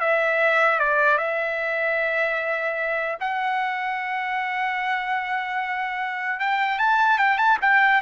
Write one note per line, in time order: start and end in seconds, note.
0.00 0.79 E5
0.79 1.17 D5
1.17 3.17 E5
3.20 6.40 F#5
6.40 6.79 G5
6.79 7.18 A5
7.18 7.38 G5
7.38 7.58 A5
7.61 8.01 G5